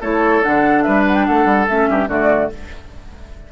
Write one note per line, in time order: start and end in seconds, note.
0.00 0.42 A3
0.00 0.42 E4
0.00 0.83 A4
0.00 0.43 C#5
0.42 0.87 D3
0.42 1.67 D4
0.42 0.82 F#5
0.82 1.28 G3
0.82 1.26 B4
0.82 1.03 E5
1.07 1.15 F#5
1.15 1.25 G5
1.25 1.45 A3
1.25 1.89 A4
1.25 1.66 F#5
1.45 1.66 G3
1.68 1.88 A3
1.68 2.08 C#4
1.68 2.09 E5
1.88 2.07 G2
1.88 2.08 G4
2.07 2.49 D3
2.07 2.50 A3
2.07 2.50 F#4
2.07 2.52 D5